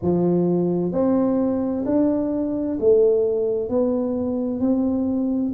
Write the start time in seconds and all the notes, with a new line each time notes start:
0.02 F3
0.91 C4
1.85 D4
2.79 A3
3.69 B3
4.59 C4